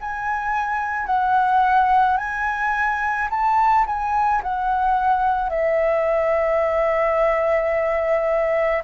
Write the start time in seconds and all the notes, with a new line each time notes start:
0.00 G#5
1.06 F#5
2.17 G#5
3.29 A5
3.86 G#5
4.42 F#5
5.49 E5